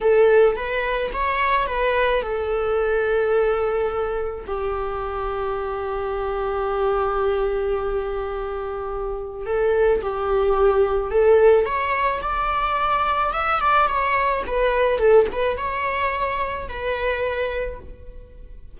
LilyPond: \new Staff \with { instrumentName = "viola" } { \time 4/4 \tempo 4 = 108 a'4 b'4 cis''4 b'4 | a'1 | g'1~ | g'1~ |
g'4 a'4 g'2 | a'4 cis''4 d''2 | e''8 d''8 cis''4 b'4 a'8 b'8 | cis''2 b'2 | }